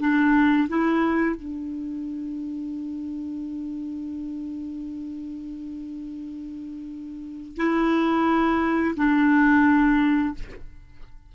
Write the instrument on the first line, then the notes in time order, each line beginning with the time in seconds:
clarinet
0.00 D4
0.69 E4
1.36 D4
7.57 E4
8.97 D4